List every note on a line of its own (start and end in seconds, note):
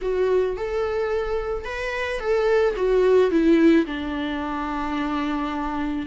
0.02 0.56 F#4
0.56 1.64 A4
1.64 2.19 B4
2.19 2.74 A4
2.75 3.30 F#4
3.30 3.85 E4
3.86 6.06 D4